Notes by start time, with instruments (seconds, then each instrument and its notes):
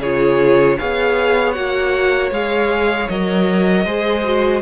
0.00 cello C#3, viola F4, violin G#4 C#5
0.78 cello B3, viola G#4, violin C#5 F5
1.53 cello A#3, viola F#4, violin F#5
2.31 cello G#3, viola G#4, violin F5
3.09 cello F#3, viola A#4, violin D#5
3.85 cello G#3, viola G#4, violin C5
4.24 viola F#4